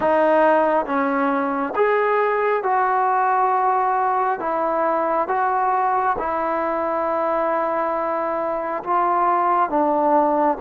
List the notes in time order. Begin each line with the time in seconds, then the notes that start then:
0.00 D#4
0.85 C#4
1.75 G#4
2.63 F#4
4.39 E4
5.27 F#4
6.18 E4
8.83 F4
9.69 D4